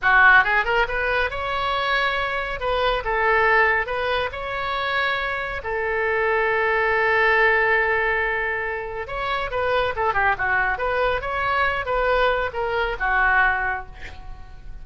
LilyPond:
\new Staff \with { instrumentName = "oboe" } { \time 4/4 \tempo 4 = 139 fis'4 gis'8 ais'8 b'4 cis''4~ | cis''2 b'4 a'4~ | a'4 b'4 cis''2~ | cis''4 a'2.~ |
a'1~ | a'4 cis''4 b'4 a'8 g'8 | fis'4 b'4 cis''4. b'8~ | b'4 ais'4 fis'2 | }